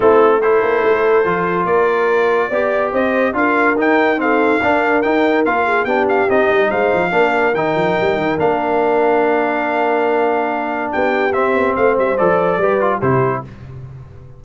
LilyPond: <<
  \new Staff \with { instrumentName = "trumpet" } { \time 4/4 \tempo 4 = 143 a'4 c''2. | d''2. dis''4 | f''4 g''4 f''2 | g''4 f''4 g''8 f''8 dis''4 |
f''2 g''2 | f''1~ | f''2 g''4 e''4 | f''8 e''8 d''2 c''4 | }
  \new Staff \with { instrumentName = "horn" } { \time 4/4 e'4 a'2. | ais'2 d''4 c''4 | ais'2 a'4 ais'4~ | ais'4. gis'8 g'2 |
c''4 ais'2.~ | ais'1~ | ais'2 g'2 | c''2 b'4 g'4 | }
  \new Staff \with { instrumentName = "trombone" } { \time 4/4 c'4 e'2 f'4~ | f'2 g'2 | f'4 dis'4 c'4 d'4 | dis'4 f'4 d'4 dis'4~ |
dis'4 d'4 dis'2 | d'1~ | d'2. c'4~ | c'4 a'4 g'8 f'8 e'4 | }
  \new Staff \with { instrumentName = "tuba" } { \time 4/4 a4. ais8 a4 f4 | ais2 b4 c'4 | d'4 dis'2 d'4 | dis'4 ais4 b4 c'8 g8 |
gis8 f8 ais4 dis8 f8 g8 dis8 | ais1~ | ais2 b4 c'8 b8 | a8 g8 f4 g4 c4 | }
>>